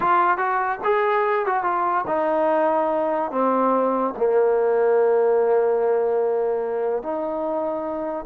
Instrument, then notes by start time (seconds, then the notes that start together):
trombone
0.00 F4
0.37 F#4
0.84 G#4
1.45 F#4
1.63 F4
2.07 D#4
3.31 C4
4.17 A#3
7.02 D#4